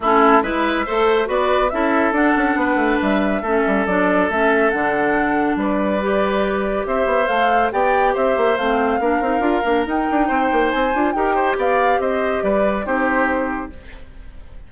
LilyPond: <<
  \new Staff \with { instrumentName = "flute" } { \time 4/4 \tempo 4 = 140 a'4 e''2 d''4 | e''4 fis''2 e''4~ | e''4 d''4 e''4 fis''4~ | fis''4 d''2. |
e''4 f''4 g''4 e''4 | f''2. g''4~ | g''4 gis''4 g''4 f''4 | dis''4 d''4 c''2 | }
  \new Staff \with { instrumentName = "oboe" } { \time 4/4 e'4 b'4 c''4 b'4 | a'2 b'2 | a'1~ | a'4 b'2. |
c''2 d''4 c''4~ | c''4 ais'2. | c''2 ais'8 c''8 d''4 | c''4 b'4 g'2 | }
  \new Staff \with { instrumentName = "clarinet" } { \time 4/4 cis'4 e'4 a'4 fis'4 | e'4 d'2. | cis'4 d'4 cis'4 d'4~ | d'2 g'2~ |
g'4 a'4 g'2 | c'4 d'8 dis'8 f'8 d'8 dis'4~ | dis'4. f'8 g'2~ | g'2 dis'2 | }
  \new Staff \with { instrumentName = "bassoon" } { \time 4/4 a4 gis4 a4 b4 | cis'4 d'8 cis'8 b8 a8 g4 | a8 g8 fis4 a4 d4~ | d4 g2. |
c'8 b8 a4 b4 c'8 ais8 | a4 ais8 c'8 d'8 ais8 dis'8 d'8 | c'8 ais8 c'8 d'8 dis'4 b4 | c'4 g4 c'2 | }
>>